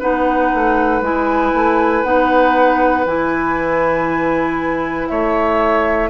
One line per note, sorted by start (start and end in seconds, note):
0.00 0.53 B3
0.00 1.03 D#4
0.00 5.08 B4
0.00 1.03 F#5
0.55 1.01 A3
1.01 1.52 G#3
1.01 2.04 E4
1.01 2.04 G#5
1.54 2.04 A3
2.04 3.05 B3
2.04 3.06 D#4
2.04 3.06 F#5
3.05 5.09 E3
3.05 6.10 E4
3.05 5.08 G#5
5.08 6.10 A3
5.08 6.10 C#5
5.08 6.10 E5